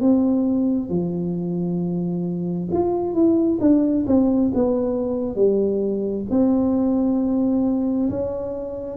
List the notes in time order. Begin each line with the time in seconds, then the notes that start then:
0.00 C4
0.89 F3
2.72 F4
3.14 E4
3.61 D4
4.07 C4
4.54 B3
5.35 G3
6.31 C4
8.10 C#4